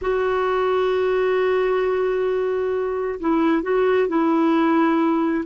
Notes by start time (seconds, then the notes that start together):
0.01 F#4
3.19 E4
3.62 F#4
4.08 E4